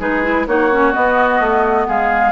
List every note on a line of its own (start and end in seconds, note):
0.00 0.47 G#3
0.00 0.23 D#4
0.00 0.47 G#4
0.00 0.47 B4
0.23 0.47 E4
0.47 0.94 A#3
0.47 0.71 D#4
0.47 1.88 F#4
0.47 0.94 C#5
0.72 0.93 C#4
0.93 2.32 B3
0.93 1.40 B3
0.93 1.87 D#5
1.40 1.87 A3
1.88 2.33 G#3
1.88 2.33 G#4
1.88 2.33 F5